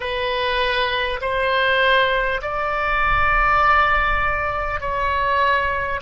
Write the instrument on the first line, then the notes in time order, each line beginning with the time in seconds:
oboe
0.00 B4
1.21 C5
2.42 D5
4.80 C#5